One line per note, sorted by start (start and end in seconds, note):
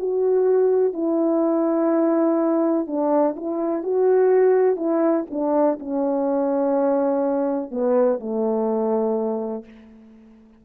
0.00 0.94 F#4
0.94 2.87 E4
2.87 3.36 D4
3.37 3.84 E4
3.84 4.77 F#4
4.77 5.25 E4
5.30 5.79 D4
5.80 7.71 C#4
7.71 8.20 B3
8.20 9.65 A3